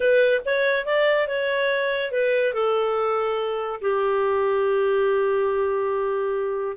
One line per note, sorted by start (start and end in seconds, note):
0.00 0.41 B4
0.45 0.85 C#5
0.85 1.27 D5
1.27 2.11 C#5
2.11 2.53 B4
2.53 3.80 A4
3.81 6.76 G4